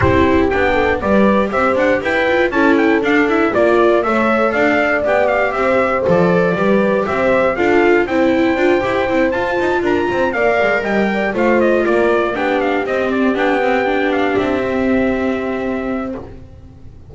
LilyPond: <<
  \new Staff \with { instrumentName = "trumpet" } { \time 4/4 \tempo 4 = 119 c''4 g''4 d''4 e''8 fis''8 | g''4 a''8 g''8 f''8 e''8 d''4 | e''4 f''4 g''8 f''8 e''4 | d''2 e''4 f''4 |
g''2~ g''8 a''4 ais''8~ | ais''8 f''4 g''4 f''8 dis''8 d''8~ | d''8 g''8 f''8 dis''8 d''8 g''4. | f''8 e''2.~ e''8 | }
  \new Staff \with { instrumentName = "horn" } { \time 4/4 g'4. a'8 b'4 c''4 | b'4 a'2 d''4 | cis''4 d''2 c''4~ | c''4 b'4 c''4 a'4 |
c''2.~ c''8 ais'8 | c''8 d''4 dis''8 d''8 c''4 ais'8~ | ais'8 g'2.~ g'8~ | g'1 | }
  \new Staff \with { instrumentName = "viola" } { \time 4/4 e'4 d'4 g'2~ | g'8 f'8 e'4 d'8 e'8 f'4 | a'2 g'2 | a'4 g'2 f'4 |
e'4 f'8 g'8 e'8 f'4.~ | f'8 ais'2 f'4.~ | f'8 d'4 c'4 d'8 c'8 d'8~ | d'4 c'2. | }
  \new Staff \with { instrumentName = "double bass" } { \time 4/4 c'4 b4 g4 c'8 d'8 | e'4 cis'4 d'4 ais4 | a4 d'4 b4 c'4 | f4 g4 c'4 d'4 |
c'4 d'8 e'8 c'8 f'8 dis'8 d'8 | c'8 ais8 gis8 g4 a4 ais8~ | ais8 b4 c'4 b4.~ | b8 c'2.~ c'8 | }
>>